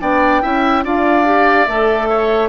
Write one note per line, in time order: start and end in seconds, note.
0.00 0.43 B3
0.00 0.42 D4
0.00 0.42 D5
0.00 0.84 G5
0.42 0.85 C#4
0.42 0.83 E4
0.42 0.84 E5
0.83 1.67 D4
0.83 1.25 F4
0.83 2.09 D5
0.83 1.65 F5
1.25 1.67 G4
1.65 2.49 A3
1.65 2.49 A4
1.65 2.48 E5
2.09 2.49 C#5